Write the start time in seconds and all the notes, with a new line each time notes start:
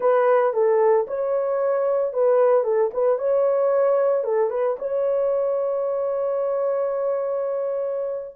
0.00 B4
0.53 A4
1.07 C#5
2.13 B4
2.64 A4
2.93 B4
3.18 C#5
4.23 A4
4.50 B4
4.78 C#5